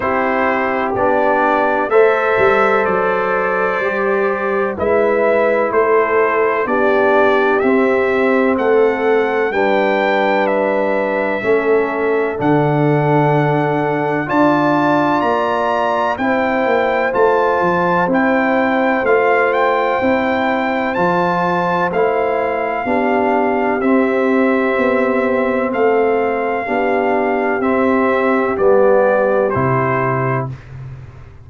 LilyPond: <<
  \new Staff \with { instrumentName = "trumpet" } { \time 4/4 \tempo 4 = 63 c''4 d''4 e''4 d''4~ | d''4 e''4 c''4 d''4 | e''4 fis''4 g''4 e''4~ | e''4 fis''2 a''4 |
ais''4 g''4 a''4 g''4 | f''8 g''4. a''4 f''4~ | f''4 e''2 f''4~ | f''4 e''4 d''4 c''4 | }
  \new Staff \with { instrumentName = "horn" } { \time 4/4 g'2 c''2~ | c''4 b'4 a'4 g'4~ | g'4 a'4 b'2 | a'2. d''4~ |
d''4 c''2.~ | c''1 | g'2. a'4 | g'1 | }
  \new Staff \with { instrumentName = "trombone" } { \time 4/4 e'4 d'4 a'2 | g'4 e'2 d'4 | c'2 d'2 | cis'4 d'2 f'4~ |
f'4 e'4 f'4 e'4 | f'4 e'4 f'4 e'4 | d'4 c'2. | d'4 c'4 b4 e'4 | }
  \new Staff \with { instrumentName = "tuba" } { \time 4/4 c'4 b4 a8 g8 fis4 | g4 gis4 a4 b4 | c'4 a4 g2 | a4 d2 d'4 |
ais4 c'8 ais8 a8 f8 c'4 | a4 c'4 f4 a4 | b4 c'4 b4 a4 | b4 c'4 g4 c4 | }
>>